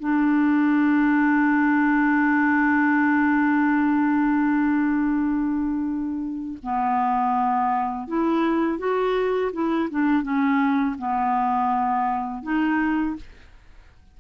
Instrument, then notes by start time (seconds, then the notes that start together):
clarinet
0.00 D4
6.64 B3
8.08 E4
8.79 F#4
9.53 E4
9.91 D4
10.23 C#4
10.99 B3
12.43 D#4